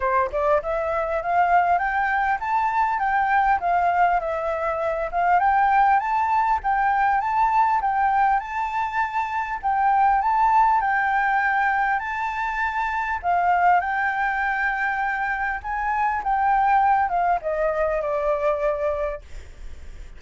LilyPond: \new Staff \with { instrumentName = "flute" } { \time 4/4 \tempo 4 = 100 c''8 d''8 e''4 f''4 g''4 | a''4 g''4 f''4 e''4~ | e''8 f''8 g''4 a''4 g''4 | a''4 g''4 a''2 |
g''4 a''4 g''2 | a''2 f''4 g''4~ | g''2 gis''4 g''4~ | g''8 f''8 dis''4 d''2 | }